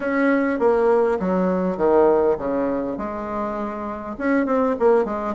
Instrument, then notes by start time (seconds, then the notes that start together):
bassoon
0.00 C#4
0.59 A#3
1.19 F#3
1.77 D#3
2.38 C#3
2.97 G#3
4.17 C#4
4.46 C4
4.79 A#3
5.04 G#3